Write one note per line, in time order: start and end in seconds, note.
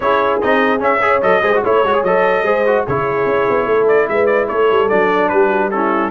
0.00 0.40 C#4
0.00 0.42 E4
0.00 1.04 G#4
0.00 0.40 C#5
0.41 0.81 C4
0.41 0.79 D#4
0.41 0.82 D#5
0.79 0.99 C#4
0.79 1.22 C#4
0.79 1.21 E5
1.01 1.22 G#4
1.01 1.42 C#5
1.21 1.42 F#3
1.21 1.42 A4
1.21 1.62 D#5
1.42 1.62 G#3
1.42 1.53 G#4
1.42 1.62 C5
1.55 1.64 F#4
1.63 1.83 A3
1.63 1.85 E4
1.63 2.44 C#5
1.63 2.04 C#5
1.83 2.03 G#3
1.83 1.93 F#4
1.93 2.04 G#4
2.03 2.43 F#3
2.03 2.44 A4
2.03 2.85 D#5
2.43 2.83 G#3
2.43 2.65 G#4
2.43 2.85 C5
2.66 2.87 F#4
2.86 3.25 C#3
2.86 4.89 E4
2.86 3.67 G#4
2.86 3.87 C#5
3.25 3.46 C#4
3.49 3.66 B3
3.66 4.07 A3
3.66 4.08 A4
3.87 4.08 D5
4.08 4.49 G#3
4.08 4.48 B4
4.08 4.26 E5
4.26 4.46 D5
4.48 4.70 A3
4.48 5.30 A4
4.48 4.88 C#5
4.70 4.91 G3
4.89 5.32 F#3
4.89 5.71 D4
4.89 5.29 D5
5.29 6.10 G3
5.29 5.47 G4
5.29 5.69 B4
5.47 5.68 F#4
5.70 6.10 C#4
5.70 6.10 E4
5.70 6.10 A4